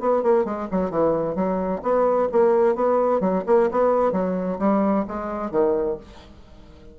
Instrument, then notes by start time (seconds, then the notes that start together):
bassoon
0.00 B3
0.23 A#3
0.45 G#3
0.72 F#3
0.91 E3
1.36 F#3
1.83 B3
2.32 A#3
2.75 B3
3.21 F#3
3.47 A#3
3.72 B3
4.12 F#3
4.59 G3
5.08 G#3
5.51 D#3